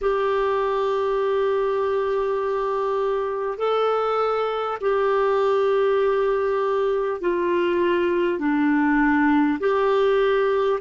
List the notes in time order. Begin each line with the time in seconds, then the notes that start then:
0.01 G4
3.58 A4
4.80 G4
7.21 F4
8.38 D4
9.59 G4